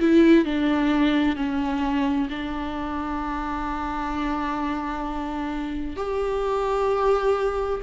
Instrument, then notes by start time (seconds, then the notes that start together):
viola
0.00 E4
0.45 D4
1.36 C#4
2.30 D4
5.96 G4